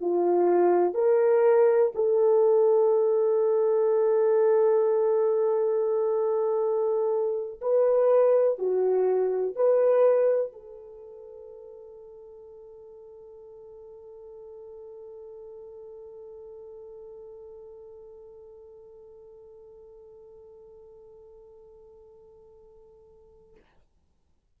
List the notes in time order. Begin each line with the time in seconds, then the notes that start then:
0.00 F4
0.93 A#4
1.94 A4
7.61 B4
8.58 F#4
9.55 B4
10.52 A4